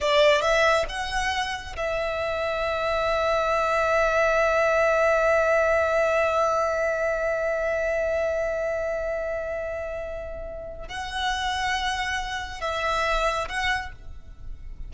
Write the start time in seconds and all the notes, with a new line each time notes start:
0.00 D5
0.41 E5
0.89 F#5
1.76 E5
10.88 F#5
12.60 E5
13.48 F#5